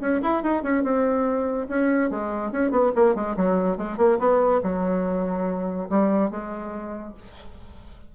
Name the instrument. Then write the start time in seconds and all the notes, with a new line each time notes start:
bassoon
0.00 C#4
0.22 E4
0.43 D#4
0.63 C#4
0.83 C4
1.68 C#4
2.10 G#3
2.51 C#4
2.71 B3
2.95 A#3
3.15 G#3
3.36 F#3
3.77 G#3
3.97 A#3
4.19 B3
4.63 F#3
5.89 G3
6.30 G#3